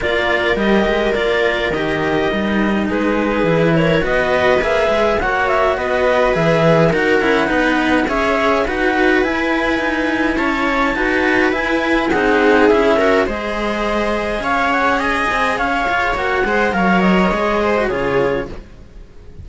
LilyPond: <<
  \new Staff \with { instrumentName = "clarinet" } { \time 4/4 \tempo 4 = 104 d''4 dis''4 d''4 dis''4~ | dis''4 b'4. cis''8 dis''4 | e''4 fis''8 e''8 dis''4 e''4 | fis''2 e''4 fis''4 |
gis''2 a''2 | gis''4 fis''4 e''4 dis''4~ | dis''4 f''8 fis''8 gis''4 f''4 | fis''4 f''8 dis''4. cis''4 | }
  \new Staff \with { instrumentName = "viola" } { \time 4/4 ais'1~ | ais'4 gis'4. ais'8 b'4~ | b'4 cis''4 b'2 | ais'4 b'4 cis''4 b'4~ |
b'2 cis''4 b'4~ | b'4 gis'4. ais'8 c''4~ | c''4 cis''4 dis''4 cis''4~ | cis''8 c''8 cis''4. c''8 gis'4 | }
  \new Staff \with { instrumentName = "cello" } { \time 4/4 f'4 g'4 f'4 g'4 | dis'2 e'4 fis'4 | gis'4 fis'2 gis'4 | fis'8 e'8 dis'4 gis'4 fis'4 |
e'2. fis'4 | e'4 dis'4 e'8 fis'8 gis'4~ | gis'1 | fis'8 gis'8 ais'4 gis'8. fis'16 f'4 | }
  \new Staff \with { instrumentName = "cello" } { \time 4/4 ais4 g8 gis8 ais4 dis4 | g4 gis4 e4 b4 | ais8 gis8 ais4 b4 e4 | dis'8 cis'8 b4 cis'4 dis'4 |
e'4 dis'4 cis'4 dis'4 | e'4 c'4 cis'4 gis4~ | gis4 cis'4. c'8 cis'8 f'8 | ais8 gis8 fis4 gis4 cis4 | }
>>